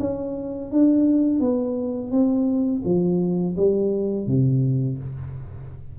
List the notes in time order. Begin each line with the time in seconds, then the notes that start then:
0.00 C#4
0.71 D4
1.40 B3
2.11 C4
2.85 F3
3.56 G3
4.27 C3